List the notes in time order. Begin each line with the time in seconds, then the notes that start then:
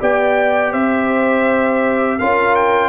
0.00 B3 G4 D5 G5
0.72 C4 C5 E5
2.19 C#4 F4 A#4 F5
2.55 G5